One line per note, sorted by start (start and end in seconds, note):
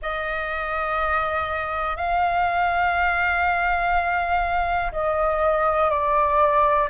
0.02 1.96 D#5
1.96 4.91 F5
4.92 5.90 D#5
5.90 6.88 D5